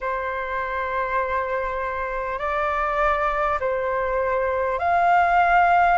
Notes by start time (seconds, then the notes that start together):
0.01 C5
2.38 D5
3.60 C5
4.78 F5